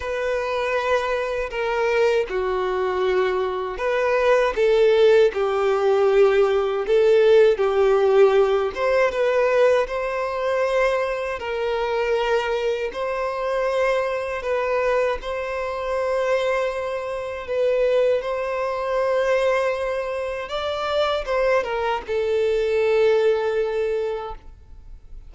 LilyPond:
\new Staff \with { instrumentName = "violin" } { \time 4/4 \tempo 4 = 79 b'2 ais'4 fis'4~ | fis'4 b'4 a'4 g'4~ | g'4 a'4 g'4. c''8 | b'4 c''2 ais'4~ |
ais'4 c''2 b'4 | c''2. b'4 | c''2. d''4 | c''8 ais'8 a'2. | }